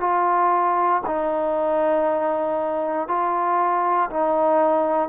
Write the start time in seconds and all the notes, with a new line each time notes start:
0.00 F4
1.06 D#4
3.08 F4
4.10 D#4